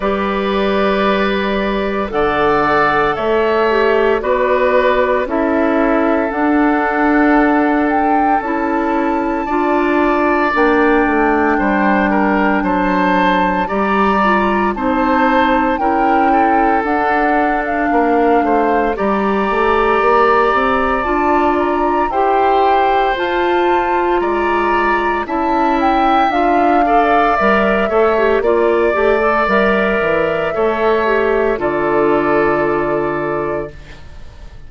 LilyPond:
<<
  \new Staff \with { instrumentName = "flute" } { \time 4/4 \tempo 4 = 57 d''2 fis''4 e''4 | d''4 e''4 fis''4. g''8 | a''2 g''2 | a''4 ais''4 a''4 g''4 |
fis''8. f''4~ f''16 ais''2 | a''8 ais''8 g''4 a''4 ais''4 | a''8 g''8 f''4 e''4 d''4 | e''2 d''2 | }
  \new Staff \with { instrumentName = "oboe" } { \time 4/4 b'2 d''4 cis''4 | b'4 a'2.~ | a'4 d''2 c''8 ais'8 | c''4 d''4 c''4 ais'8 a'8~ |
a'4 ais'8 c''8 d''2~ | d''4 c''2 d''4 | e''4. d''4 cis''8 d''4~ | d''4 cis''4 a'2 | }
  \new Staff \with { instrumentName = "clarinet" } { \time 4/4 g'2 a'4. g'8 | fis'4 e'4 d'2 | e'4 f'4 d'2~ | d'4 g'8 f'8 dis'4 e'4 |
d'2 g'2 | f'4 g'4 f'2 | e'4 f'8 a'8 ais'8 a'16 g'16 f'8 g'16 a'16 | ais'4 a'8 g'8 f'2 | }
  \new Staff \with { instrumentName = "bassoon" } { \time 4/4 g2 d4 a4 | b4 cis'4 d'2 | cis'4 d'4 ais8 a8 g4 | fis4 g4 c'4 cis'4 |
d'4 ais8 a8 g8 a8 ais8 c'8 | d'4 e'4 f'4 gis4 | cis'4 d'4 g8 a8 ais8 a8 | g8 e8 a4 d2 | }
>>